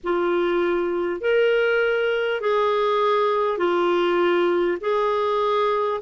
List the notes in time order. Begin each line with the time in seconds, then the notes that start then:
0.03 F4
1.21 A#4
2.40 G#4
3.58 F4
4.81 G#4